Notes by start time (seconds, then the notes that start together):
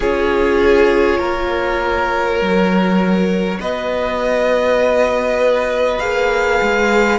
0.00 C#4 F4 G#4 C#5
1.18 A#3 A#4
2.40 F#3 F#4
3.60 B3 B4 D#5
5.99 A#3 G#4 F5
6.61 G#3